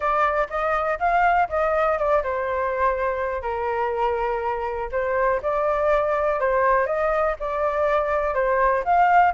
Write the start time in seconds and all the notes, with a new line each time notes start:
0.00 D5
0.49 D#5
0.99 F5
1.49 D#5
1.98 D5
2.23 C5
3.42 A#4
4.91 C5
5.42 D5
6.40 C5
6.86 D#5
7.39 D5
8.34 C5
8.84 F5